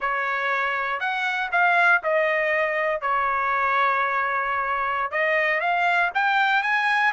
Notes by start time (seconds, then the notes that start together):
0.00 C#5
1.00 F#5
1.51 F5
2.03 D#5
3.01 C#5
5.11 D#5
5.60 F5
6.14 G5
6.62 G#5